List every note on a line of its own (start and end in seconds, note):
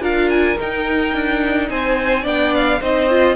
0.00 0.56 D4
0.00 0.57 F4
0.00 1.68 A#4
0.00 0.30 F5
0.30 0.58 G#5
0.59 2.24 D#4
0.59 1.14 D#4
0.59 1.69 G5
1.14 1.69 D4
1.69 2.25 C4
1.69 2.23 C5
1.69 2.25 G#5
2.23 2.81 B3
2.23 2.79 D4
2.23 2.78 D5
2.23 2.54 G5
2.54 2.82 F5
2.80 3.36 C4
2.80 3.09 D#4
2.80 3.36 C5
2.80 3.36 D#5
3.09 3.36 F4